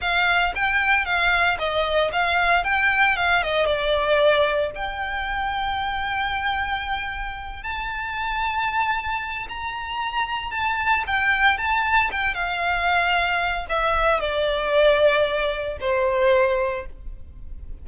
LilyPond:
\new Staff \with { instrumentName = "violin" } { \time 4/4 \tempo 4 = 114 f''4 g''4 f''4 dis''4 | f''4 g''4 f''8 dis''8 d''4~ | d''4 g''2.~ | g''2~ g''8 a''4.~ |
a''2 ais''2 | a''4 g''4 a''4 g''8 f''8~ | f''2 e''4 d''4~ | d''2 c''2 | }